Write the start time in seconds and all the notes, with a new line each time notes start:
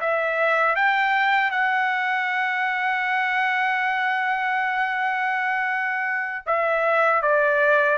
0.00 E5
0.75 G5
1.51 F#5
6.46 E5
7.22 D5